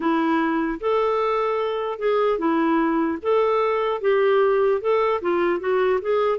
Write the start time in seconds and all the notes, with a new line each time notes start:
0.00 E4
0.80 A4
1.98 G#4
2.38 E4
3.22 A4
4.01 G4
4.81 A4
5.21 F4
5.60 F#4
6.01 G#4